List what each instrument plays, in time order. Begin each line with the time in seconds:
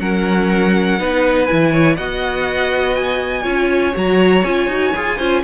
0.00 cello F#3, viola C#4, violin A#4 F#5
0.99 cello B3, viola D#4, violin B4
1.46 cello E3, viola E4, violin G#5
1.72 violin C#5
1.96 cello B3, viola F#4, violin D#5 F#5
2.95 violin G#5
3.43 cello C#4, viola F4, violin C#5
3.94 cello F#3, viola F#4, violin A#5
4.44 cello C#4, viola F4, violin G#5
4.67 cello D#4, viola F#4
4.94 cello F4, viola G#4
5.17 cello C#4, viola F4, violin C5